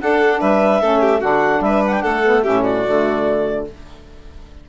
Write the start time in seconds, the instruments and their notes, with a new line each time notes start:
0.00 saxophone D4, bassoon D4, violin A4, clarinet F#5
0.41 bassoon G3, violin B4, clarinet E5
0.81 bassoon A3, saxophone C#4, violin A4
1.01 violin G4
1.21 bassoon D3, saxophone D4, violin F#4, clarinet F#5
1.60 bassoon G3, violin B4, clarinet E5
1.86 clarinet F#5
1.93 clarinet G5
2.02 bassoon A3, violin A4, clarinet F#5
2.23 saxophone B3
2.43 bassoon A2, saxophone C#4, violin G4, clarinet E5
2.63 violin F#4, clarinet D5
2.85 bassoon D3, saxophone A3